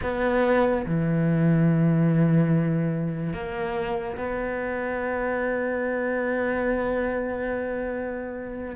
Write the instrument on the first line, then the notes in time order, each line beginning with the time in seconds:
cello
0.02 B3
0.86 E3
3.33 A#3
4.17 B3